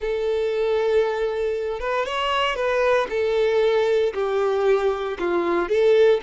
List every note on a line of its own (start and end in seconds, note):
0.00 1.80 A4
1.80 2.05 B4
2.05 2.55 C#5
2.55 3.07 B4
3.09 4.13 A4
4.14 5.17 G4
5.19 5.68 F4
5.68 6.20 A4